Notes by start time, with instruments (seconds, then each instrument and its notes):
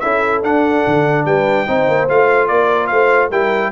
0.00 tuba C#4, trombone E4, horn A4, trumpet E5
0.42 tuba D4, trombone D4, trumpet F#5
0.87 tuba D3
1.26 tuba G3, horn B4, trumpet G5
1.67 tuba C4, trombone D#4, horn C5
1.88 tuba A#3
2.09 tuba A3, trombone F4, trumpet F5
2.48 tuba A#3, horn A#4, trumpet D5
2.87 tuba A3, horn C5, trumpet F5
3.30 tuba G3, trombone E4, horn A#4, trumpet G5